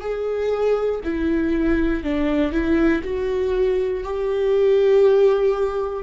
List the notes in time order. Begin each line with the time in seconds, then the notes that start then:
0.00 G#4
1.04 E4
2.04 D4
2.52 E4
3.03 F#4
4.03 G4